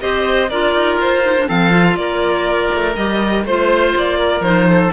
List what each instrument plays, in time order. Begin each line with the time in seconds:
0.00 cello C4, clarinet G4, oboe C5, violin D#5
0.50 cello D4, clarinet F4, oboe A#4, violin D5
0.75 cello D#4
0.98 cello F4, violin C5
1.23 clarinet D#4
1.39 clarinet D4
1.48 cello F3, clarinet C4, oboe A4, violin F5
1.71 clarinet F4
1.96 cello A#3, oboe A#4, violin D5
2.75 cello A3
2.96 cello G3, clarinet G4, violin D#5
3.45 cello A3, clarinet F4, violin C5, oboe C5
3.97 cello A#3, violin D5
4.19 oboe A#4
4.41 cello F3, clarinet D#4, violin C5
4.69 oboe A4